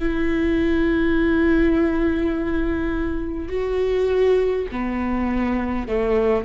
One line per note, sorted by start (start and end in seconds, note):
0.00 3.49 E4
3.49 4.67 F#4
4.72 5.89 B3
5.89 6.45 A3